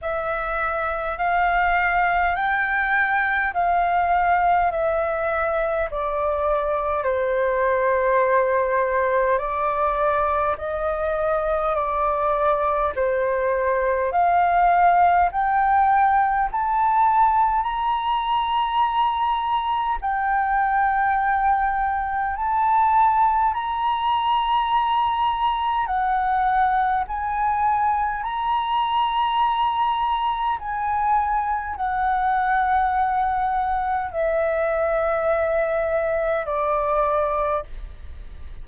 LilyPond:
\new Staff \with { instrumentName = "flute" } { \time 4/4 \tempo 4 = 51 e''4 f''4 g''4 f''4 | e''4 d''4 c''2 | d''4 dis''4 d''4 c''4 | f''4 g''4 a''4 ais''4~ |
ais''4 g''2 a''4 | ais''2 fis''4 gis''4 | ais''2 gis''4 fis''4~ | fis''4 e''2 d''4 | }